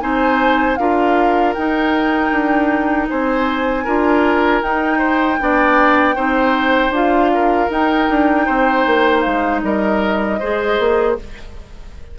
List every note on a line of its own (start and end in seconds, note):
0.00 0.78 C4
0.00 0.77 D#4
0.00 0.79 C5
0.00 0.76 G#5
0.76 1.55 D4
0.76 1.55 F4
0.76 3.09 A#4
0.76 1.53 F5
1.53 2.31 D#4
1.53 3.86 D#4
1.53 3.07 G5
2.31 3.08 D4
3.09 3.86 C4
3.09 3.84 C5
3.09 4.62 G#5
3.84 4.62 D4
3.84 4.63 F4
3.84 4.98 A#4
4.62 5.39 D#4
4.62 6.93 G5
4.98 5.37 C5
5.39 6.16 B3
5.39 6.15 D4
5.39 6.15 D5
6.15 6.89 C4
6.15 6.92 D#4
6.15 7.31 C5
6.89 7.66 D4
6.89 7.70 F4
6.89 7.70 F5
7.34 8.45 A#4
7.70 10.39 D#4
7.70 8.08 D#4
7.70 9.21 G5
8.09 8.47 D4
8.45 8.86 C4
8.45 9.61 C5
8.86 9.25 A#3
9.21 9.63 G#3
9.21 9.59 F5
9.62 10.40 G3
9.62 10.39 A#4
9.62 11.16 D#5
10.39 10.78 G#3
10.39 11.18 G#4
10.39 11.16 C5
10.78 11.17 A#3